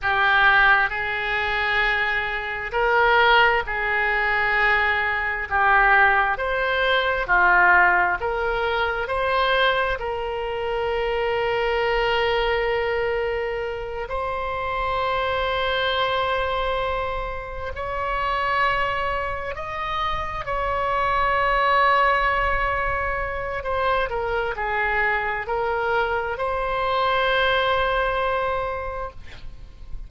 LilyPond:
\new Staff \with { instrumentName = "oboe" } { \time 4/4 \tempo 4 = 66 g'4 gis'2 ais'4 | gis'2 g'4 c''4 | f'4 ais'4 c''4 ais'4~ | ais'2.~ ais'8 c''8~ |
c''2.~ c''8 cis''8~ | cis''4. dis''4 cis''4.~ | cis''2 c''8 ais'8 gis'4 | ais'4 c''2. | }